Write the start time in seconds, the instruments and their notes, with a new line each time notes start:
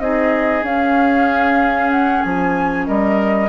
0.00 bassoon C4, clarinet D#4, oboe G#4, flute D#5
0.63 bassoon C#4, clarinet C#4, flute F5
1.91 flute F#5
2.23 bassoon F3, flute G#5
2.87 bassoon G3, oboe A#4, flute D#5